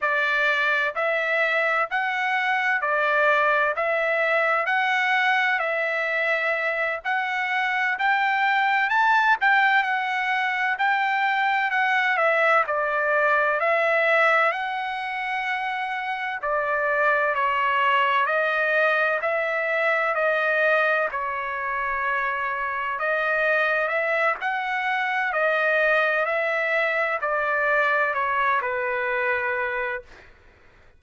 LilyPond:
\new Staff \with { instrumentName = "trumpet" } { \time 4/4 \tempo 4 = 64 d''4 e''4 fis''4 d''4 | e''4 fis''4 e''4. fis''8~ | fis''8 g''4 a''8 g''8 fis''4 g''8~ | g''8 fis''8 e''8 d''4 e''4 fis''8~ |
fis''4. d''4 cis''4 dis''8~ | dis''8 e''4 dis''4 cis''4.~ | cis''8 dis''4 e''8 fis''4 dis''4 | e''4 d''4 cis''8 b'4. | }